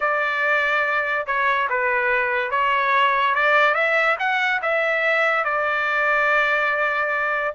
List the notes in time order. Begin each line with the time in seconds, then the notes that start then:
0.00 D5
1.26 C#5
1.69 B4
2.50 C#5
3.34 D5
3.74 E5
4.19 F#5
4.62 E5
5.44 D5